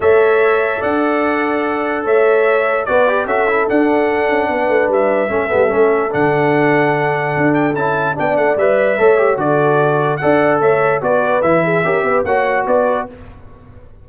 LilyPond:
<<
  \new Staff \with { instrumentName = "trumpet" } { \time 4/4 \tempo 4 = 147 e''2 fis''2~ | fis''4 e''2 d''4 | e''4 fis''2. | e''2. fis''4~ |
fis''2~ fis''8 g''8 a''4 | g''8 fis''8 e''2 d''4~ | d''4 fis''4 e''4 d''4 | e''2 fis''4 d''4 | }
  \new Staff \with { instrumentName = "horn" } { \time 4/4 cis''2 d''2~ | d''4 cis''2 b'4 | a'2. b'4~ | b'4 a'2.~ |
a'1 | d''2 cis''4 a'4~ | a'4 d''4 cis''4 b'4~ | b'8 gis'8 ais'8 b'8 cis''4 b'4 | }
  \new Staff \with { instrumentName = "trombone" } { \time 4/4 a'1~ | a'2. fis'8 g'8 | fis'8 e'8 d'2.~ | d'4 cis'8 b8 cis'4 d'4~ |
d'2. e'4 | d'4 b'4 a'8 g'8 fis'4~ | fis'4 a'2 fis'4 | e'4 g'4 fis'2 | }
  \new Staff \with { instrumentName = "tuba" } { \time 4/4 a2 d'2~ | d'4 a2 b4 | cis'4 d'4. cis'8 b8 a8 | g4 a8 g8 a4 d4~ |
d2 d'4 cis'4 | b8 a8 g4 a4 d4~ | d4 d'4 a4 b4 | e4 cis'8 b8 ais4 b4 | }
>>